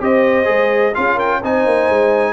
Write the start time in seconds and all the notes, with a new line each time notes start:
0.00 C4 G4 C5 D#5
0.44 G#3 G#4
0.94 C#4 F4 G#4 F5
1.15 A#4 G5
1.41 C4 D#4 C5 G#5
1.66 A#3
1.89 G#3